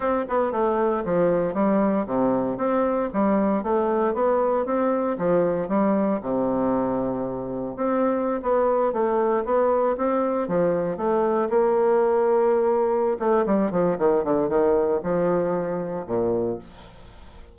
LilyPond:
\new Staff \with { instrumentName = "bassoon" } { \time 4/4 \tempo 4 = 116 c'8 b8 a4 f4 g4 | c4 c'4 g4 a4 | b4 c'4 f4 g4 | c2. c'4~ |
c'16 b4 a4 b4 c'8.~ | c'16 f4 a4 ais4.~ ais16~ | ais4. a8 g8 f8 dis8 d8 | dis4 f2 ais,4 | }